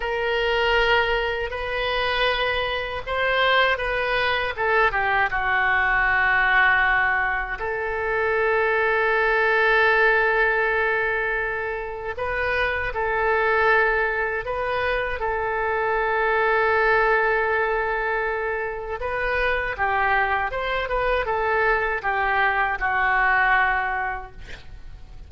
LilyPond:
\new Staff \with { instrumentName = "oboe" } { \time 4/4 \tempo 4 = 79 ais'2 b'2 | c''4 b'4 a'8 g'8 fis'4~ | fis'2 a'2~ | a'1 |
b'4 a'2 b'4 | a'1~ | a'4 b'4 g'4 c''8 b'8 | a'4 g'4 fis'2 | }